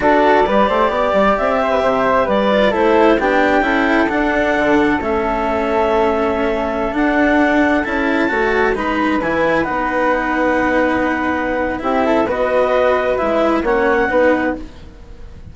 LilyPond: <<
  \new Staff \with { instrumentName = "clarinet" } { \time 4/4 \tempo 4 = 132 d''2. e''4~ | e''4 d''4 c''4 g''4~ | g''4 fis''2 e''4~ | e''2.~ e''16 fis''8.~ |
fis''4~ fis''16 a''2 b''8.~ | b''16 gis''4 fis''2~ fis''8.~ | fis''2 e''4 dis''4~ | dis''4 e''4 fis''2 | }
  \new Staff \with { instrumentName = "flute" } { \time 4/4 a'4 b'8 c''8 d''4. c''16 b'16 | c''4 b'4 a'4 g'4 | a'1~ | a'1~ |
a'2~ a'16 cis''4 b'8.~ | b'1~ | b'2 g'8 a'8 b'4~ | b'2 cis''4 b'4 | }
  \new Staff \with { instrumentName = "cello" } { \time 4/4 fis'4 g'2.~ | g'4. f'8 e'4 d'4 | e'4 d'2 cis'4~ | cis'2.~ cis'16 d'8.~ |
d'4~ d'16 e'4 fis'4 dis'8.~ | dis'16 e'4 dis'2~ dis'8.~ | dis'2 e'4 fis'4~ | fis'4 e'4 cis'4 dis'4 | }
  \new Staff \with { instrumentName = "bassoon" } { \time 4/4 d'4 g8 a8 b8 g8 c'4 | c4 g4 a4 b4 | cis'4 d'4 d4 a4~ | a2.~ a16 d'8.~ |
d'4~ d'16 cis'4 a4 gis8.~ | gis16 e4 b2~ b8.~ | b2 c'4 b4~ | b4 gis4 ais4 b4 | }
>>